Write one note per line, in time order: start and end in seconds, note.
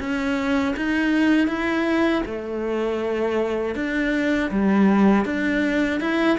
0.00 0.75 C#4
0.77 1.48 D#4
1.48 2.23 E4
2.26 3.76 A3
3.76 4.51 D4
4.51 5.26 G3
5.26 6.01 D4
6.01 6.38 E4